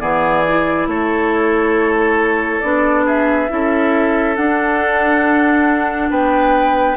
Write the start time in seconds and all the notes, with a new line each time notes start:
0.00 E3 B3 G#4 D5
0.48 E4
0.87 A3 A4 C#5
2.61 B3 D4 D5
3.06 G#4 E5
3.49 C#4 E4 A4
4.36 D4 F#5
6.10 B3 B4 G5